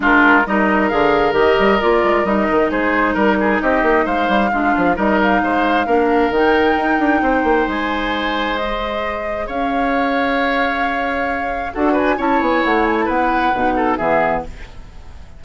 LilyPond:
<<
  \new Staff \with { instrumentName = "flute" } { \time 4/4 \tempo 4 = 133 ais'4 dis''4 f''4 dis''4 | d''4 dis''4 c''4 ais'4 | dis''4 f''2 dis''8 f''8~ | f''2 g''2~ |
g''4 gis''2 dis''4~ | dis''4 f''2.~ | f''2 fis''8 gis''8 a''8 gis''8 | fis''8 gis''16 a''16 fis''2 e''4 | }
  \new Staff \with { instrumentName = "oboe" } { \time 4/4 f'4 ais'2.~ | ais'2 gis'4 ais'8 gis'8 | g'4 c''4 f'4 ais'4 | c''4 ais'2. |
c''1~ | c''4 cis''2.~ | cis''2 a'8 b'8 cis''4~ | cis''4 b'4. a'8 gis'4 | }
  \new Staff \with { instrumentName = "clarinet" } { \time 4/4 d'4 dis'4 gis'4 g'4 | f'4 dis'2.~ | dis'2 d'4 dis'4~ | dis'4 d'4 dis'2~ |
dis'2. gis'4~ | gis'1~ | gis'2 fis'4 e'4~ | e'2 dis'4 b4 | }
  \new Staff \with { instrumentName = "bassoon" } { \time 4/4 gis4 g4 d4 dis8 g8 | ais8 gis8 g8 dis8 gis4 g4 | c'8 ais8 gis8 g8 gis8 f8 g4 | gis4 ais4 dis4 dis'8 d'8 |
c'8 ais8 gis2.~ | gis4 cis'2.~ | cis'2 d'4 cis'8 b8 | a4 b4 b,4 e4 | }
>>